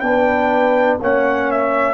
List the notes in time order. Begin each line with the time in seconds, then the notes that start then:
0.00 B3 D4 B4 G5
1.00 A#3 C#4 C#5 F#5
1.51 E5